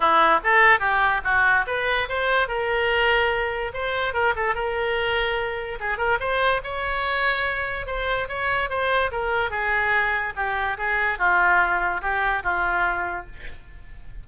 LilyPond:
\new Staff \with { instrumentName = "oboe" } { \time 4/4 \tempo 4 = 145 e'4 a'4 g'4 fis'4 | b'4 c''4 ais'2~ | ais'4 c''4 ais'8 a'8 ais'4~ | ais'2 gis'8 ais'8 c''4 |
cis''2. c''4 | cis''4 c''4 ais'4 gis'4~ | gis'4 g'4 gis'4 f'4~ | f'4 g'4 f'2 | }